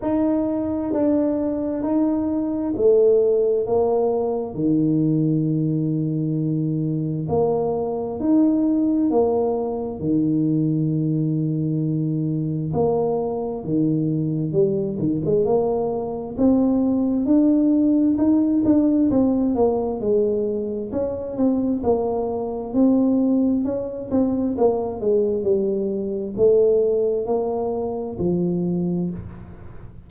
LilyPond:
\new Staff \with { instrumentName = "tuba" } { \time 4/4 \tempo 4 = 66 dis'4 d'4 dis'4 a4 | ais4 dis2. | ais4 dis'4 ais4 dis4~ | dis2 ais4 dis4 |
g8 dis16 gis16 ais4 c'4 d'4 | dis'8 d'8 c'8 ais8 gis4 cis'8 c'8 | ais4 c'4 cis'8 c'8 ais8 gis8 | g4 a4 ais4 f4 | }